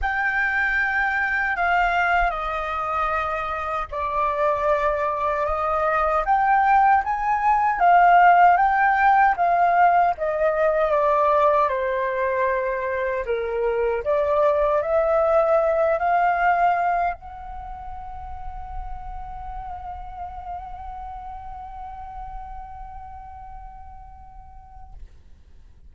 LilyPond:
\new Staff \with { instrumentName = "flute" } { \time 4/4 \tempo 4 = 77 g''2 f''4 dis''4~ | dis''4 d''2 dis''4 | g''4 gis''4 f''4 g''4 | f''4 dis''4 d''4 c''4~ |
c''4 ais'4 d''4 e''4~ | e''8 f''4. fis''2~ | fis''1~ | fis''1 | }